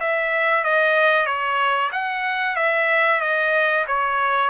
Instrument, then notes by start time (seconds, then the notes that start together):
trumpet
0.00 E5
0.64 D#5
1.26 C#5
1.92 F#5
2.56 E5
3.21 D#5
3.87 C#5